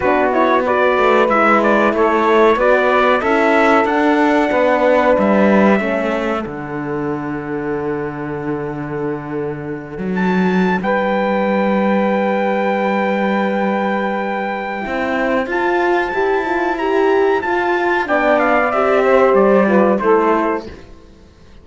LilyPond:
<<
  \new Staff \with { instrumentName = "trumpet" } { \time 4/4 \tempo 4 = 93 b'8 cis''8 d''4 e''8 d''8 cis''4 | d''4 e''4 fis''2 | e''2 fis''2~ | fis''2.~ fis''8. a''16~ |
a''8. g''2.~ g''16~ | g''1 | a''2 ais''4 a''4 | g''8 f''8 e''4 d''4 c''4 | }
  \new Staff \with { instrumentName = "saxophone" } { \time 4/4 fis'4 b'2 a'4 | b'4 a'2 b'4~ | b'4 a'2.~ | a'1~ |
a'8. b'2.~ b'16~ | b'2. c''4~ | c''1 | d''4. c''4 b'8 a'4 | }
  \new Staff \with { instrumentName = "horn" } { \time 4/4 d'8 e'8 fis'4 e'2 | fis'4 e'4 d'2~ | d'4 cis'4 d'2~ | d'1~ |
d'1~ | d'2. e'4 | f'4 g'8 f'8 g'4 f'4 | d'4 g'4. f'8 e'4 | }
  \new Staff \with { instrumentName = "cello" } { \time 4/4 b4. a8 gis4 a4 | b4 cis'4 d'4 b4 | g4 a4 d2~ | d2.~ d8 fis8~ |
fis8. g2.~ g16~ | g2. c'4 | f'4 e'2 f'4 | b4 c'4 g4 a4 | }
>>